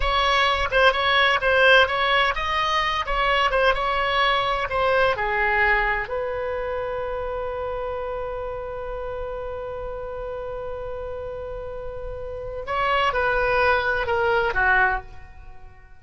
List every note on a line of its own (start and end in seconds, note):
0.00 0.69 C#5
0.71 0.92 C5
0.92 1.39 C#5
1.41 1.87 C5
1.87 2.34 C#5
2.35 3.05 D#5
3.06 3.50 C#5
3.50 3.74 C5
3.74 4.67 C#5
4.69 5.16 C5
5.16 6.08 G#4
6.08 12.64 B4
12.66 13.13 C#5
13.13 14.06 B4
14.06 14.53 A#4
14.54 15.00 F#4